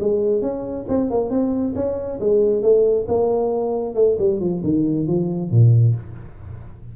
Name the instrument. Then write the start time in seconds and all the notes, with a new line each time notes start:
tuba
0.00 G#3
0.42 C#4
0.88 C4
1.10 A#3
1.30 C4
1.75 C#4
2.20 G#3
2.62 A3
3.08 A#3
3.95 A3
4.19 G3
4.40 F3
4.64 D#3
5.07 F3
5.51 A#2